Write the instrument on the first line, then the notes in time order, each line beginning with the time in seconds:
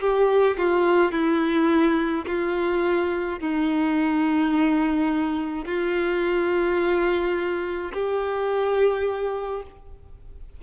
violin
0.00 G4
0.57 F4
1.12 E4
2.26 F4
3.40 D#4
5.65 F4
7.92 G4